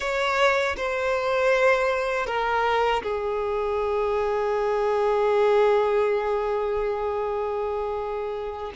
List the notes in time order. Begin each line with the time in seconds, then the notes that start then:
0.00 C#5
0.76 C5
2.26 A#4
3.02 G#4